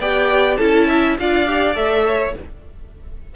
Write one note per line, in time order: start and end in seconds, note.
0.00 0.59 B3
0.00 0.60 G4
0.00 0.58 D5
0.00 0.57 G5
0.57 1.19 C#4
0.57 1.19 E4
0.57 0.88 A4
0.57 1.16 A5
0.88 1.17 E5
1.20 1.76 D4
1.20 1.48 F4
1.20 2.07 D5
1.20 1.76 F5
1.48 1.75 G4
1.75 2.35 A3
1.75 2.34 A4
1.75 2.35 E5
2.07 2.36 C#5